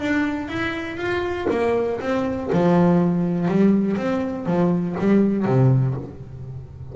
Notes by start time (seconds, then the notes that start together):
0.00 D4
0.48 E4
0.98 F4
1.51 A#3
2.01 C4
2.53 F3
3.48 G3
3.97 C4
4.47 F3
5.00 G3
5.46 C3